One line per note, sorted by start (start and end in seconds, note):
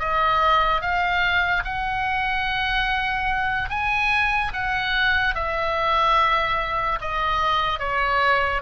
0.00 0.81 D#5
0.81 1.64 F5
1.65 3.70 F#5
3.70 4.52 G#5
4.54 5.35 F#5
5.35 6.99 E5
7.01 7.80 D#5
7.80 8.62 C#5